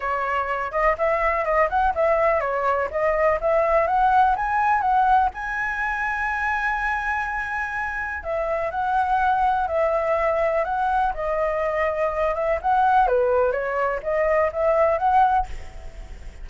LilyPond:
\new Staff \with { instrumentName = "flute" } { \time 4/4 \tempo 4 = 124 cis''4. dis''8 e''4 dis''8 fis''8 | e''4 cis''4 dis''4 e''4 | fis''4 gis''4 fis''4 gis''4~ | gis''1~ |
gis''4 e''4 fis''2 | e''2 fis''4 dis''4~ | dis''4. e''8 fis''4 b'4 | cis''4 dis''4 e''4 fis''4 | }